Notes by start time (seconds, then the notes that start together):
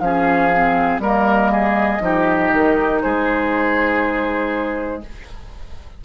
0.00 F3 C#4 G#4 F5
0.54 C4
1.00 G3 A#3 A#4 D#5
1.52 G#4
2.01 F3 D#4 G4
2.54 D#3
3.02 G#3 G#4 C5